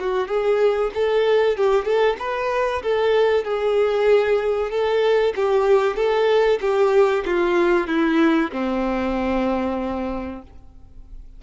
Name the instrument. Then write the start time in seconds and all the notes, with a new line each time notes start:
violin
0.00 F#4
0.28 G#4
0.95 A4
1.57 G4
1.85 A4
2.19 B4
2.83 A4
3.44 G#4
4.71 A4
5.36 G4
5.97 A4
6.61 G4
7.26 F4
7.87 E4
8.53 C4